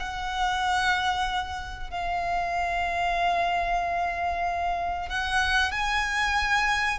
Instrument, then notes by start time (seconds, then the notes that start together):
violin
0.00 F#5
1.91 F5
5.09 F#5
5.72 G#5